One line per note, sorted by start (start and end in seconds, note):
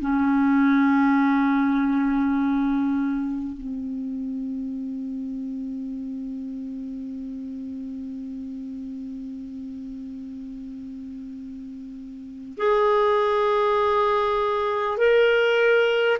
0.00 3.58 C#4
3.58 12.58 C4
12.58 14.98 G#4
14.98 16.18 A#4